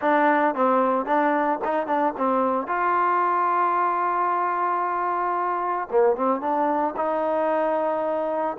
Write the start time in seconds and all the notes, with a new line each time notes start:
0.01 D4
0.55 C4
1.05 D4
1.64 D#4
1.86 D4
2.17 C4
2.67 F4
5.91 A#3
6.16 C4
6.40 D4
6.96 D#4